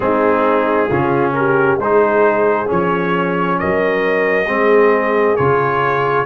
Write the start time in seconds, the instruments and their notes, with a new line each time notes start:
0.00 tuba G#3, trombone C4, horn D#4, trumpet G#4
0.88 tuba C#3, trombone C#4, horn F4
1.33 horn G4, trumpet A#4
1.77 tuba G#3, horn G#4, trumpet C5
1.84 trombone D#4
2.66 tuba F3, trombone C#4, trumpet C#5
3.58 tuba F#3, horn A#4, trumpet D#5
4.46 tuba G#3, trombone C4, horn G#4
5.36 tuba C#3, trombone F4, trumpet C#5